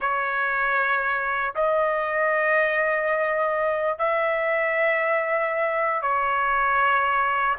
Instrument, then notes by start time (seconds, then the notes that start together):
trumpet
0.00 C#5
1.55 D#5
3.98 E5
6.02 C#5